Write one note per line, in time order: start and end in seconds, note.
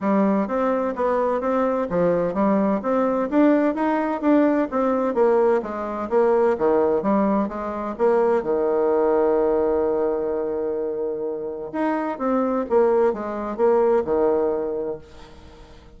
0.00 0.47 G3
0.47 0.94 C4
0.95 1.40 B3
1.40 1.87 C4
1.89 2.34 F3
2.34 2.80 G3
2.82 3.29 C4
3.30 3.74 D4
3.74 4.21 D#4
4.21 4.67 D4
4.70 5.14 C4
5.14 5.61 A#3
5.62 6.09 G#3
6.09 6.56 A#3
6.58 7.02 D#3
7.02 7.48 G3
7.48 7.95 G#3
7.98 8.43 A#3
8.43 11.71 D#3
11.72 12.18 D#4
12.18 12.65 C4
12.69 13.13 A#3
13.13 13.56 G#3
13.56 14.03 A#3
14.04 14.98 D#3